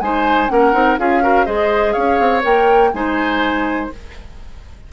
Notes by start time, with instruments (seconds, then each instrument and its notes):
0.00 bassoon G#3, clarinet D#4, oboe C5, flute G#5
0.48 bassoon A#3, clarinet C#4, oboe A#4, flute F#5
0.73 bassoon C4, clarinet D#4
0.98 bassoon C#4, clarinet F4, oboe G#4, flute F5
1.21 clarinet F#4, oboe A#4
1.45 bassoon G#3, clarinet G#4, oboe C5, flute D#5
1.92 bassoon C#4, oboe C#5, flute F5
2.19 bassoon C4
2.41 bassoon A#3, clarinet A#4, flute G5
2.93 bassoon G#3, clarinet D#4, oboe C5, flute G#5